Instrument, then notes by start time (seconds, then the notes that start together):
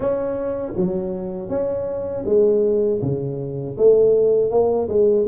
tuba
0.00 C#4
0.76 F#3
1.49 C#4
2.25 G#3
3.02 C#3
3.77 A3
4.50 A#3
4.88 G#3